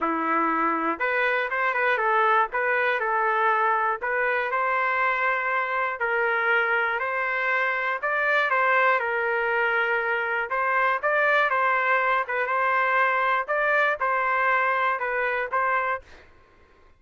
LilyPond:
\new Staff \with { instrumentName = "trumpet" } { \time 4/4 \tempo 4 = 120 e'2 b'4 c''8 b'8 | a'4 b'4 a'2 | b'4 c''2. | ais'2 c''2 |
d''4 c''4 ais'2~ | ais'4 c''4 d''4 c''4~ | c''8 b'8 c''2 d''4 | c''2 b'4 c''4 | }